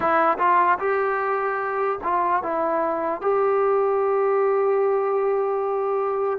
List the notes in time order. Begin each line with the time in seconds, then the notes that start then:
0.00 E4
0.38 F4
0.79 G4
2.03 F4
2.43 E4
3.21 G4